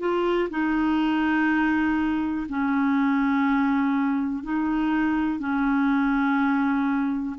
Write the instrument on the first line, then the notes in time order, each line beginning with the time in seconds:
clarinet
0.00 F4
0.51 D#4
2.49 C#4
4.44 D#4
5.40 C#4